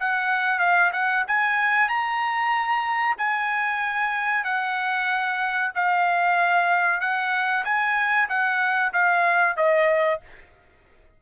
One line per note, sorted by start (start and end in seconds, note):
0.00 0.59 F#5
0.59 0.91 F5
0.93 1.25 F#5
1.28 1.89 G#5
1.89 3.17 A#5
3.18 4.44 G#5
4.44 5.72 F#5
5.75 7.01 F5
7.01 7.65 F#5
7.65 8.29 G#5
8.29 8.93 F#5
8.93 9.57 F5
9.57 10.21 D#5